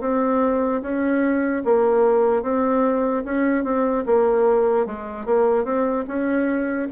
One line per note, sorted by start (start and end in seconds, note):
0.00 0.81 C4
0.81 1.63 C#4
1.64 2.42 A#3
2.42 3.23 C4
3.24 3.63 C#4
3.63 4.04 C4
4.05 4.86 A#3
4.86 5.25 G#3
5.25 5.64 A#3
5.64 6.04 C4
6.07 6.88 C#4